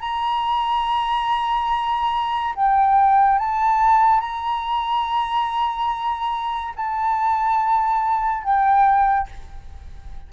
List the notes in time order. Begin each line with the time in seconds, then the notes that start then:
0.00 A#5
2.55 G5
3.38 A5
4.20 A#5
6.76 A5
8.43 G5